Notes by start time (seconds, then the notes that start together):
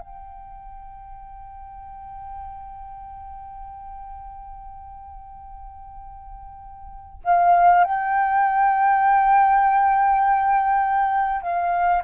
0.00 G5
7.24 F5
7.84 G5
11.42 F5